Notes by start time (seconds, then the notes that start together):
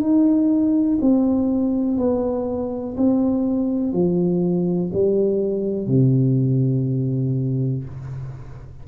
0.00 D#4
1.01 C4
1.98 B3
2.97 C4
3.93 F3
4.93 G3
5.87 C3